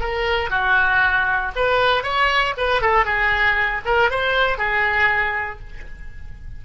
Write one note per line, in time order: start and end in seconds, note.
0.00 0.50 A#4
0.50 1.52 F#4
1.56 2.03 B4
2.03 2.54 C#5
2.57 2.82 B4
2.82 3.05 A4
3.05 3.81 G#4
3.85 4.10 A#4
4.10 4.58 C5
4.58 5.60 G#4